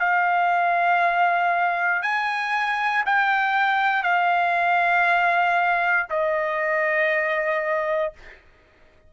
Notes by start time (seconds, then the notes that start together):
0.00 F5
2.03 G#5
3.06 G5
4.04 F5
6.10 D#5